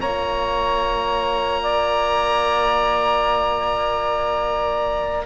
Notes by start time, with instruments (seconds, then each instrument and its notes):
0.00 cello A#3, trombone F4, saxophone C#5, oboe A#5
1.62 saxophone D5